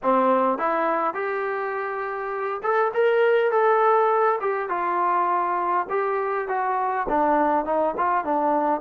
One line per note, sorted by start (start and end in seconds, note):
0.03 0.58 C4
0.58 1.14 E4
1.14 2.61 G4
2.62 2.92 A4
2.94 3.51 A#4
3.51 4.39 A4
4.40 4.69 G4
4.69 5.86 F4
5.89 6.48 G4
6.48 7.06 F#4
7.09 7.65 D4
7.65 7.94 D#4
7.97 8.24 F4
8.24 8.80 D4